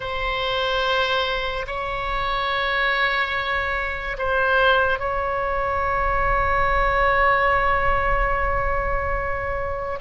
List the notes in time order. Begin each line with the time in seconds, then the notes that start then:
0.00 C5
1.66 C#5
4.17 C5
4.99 C#5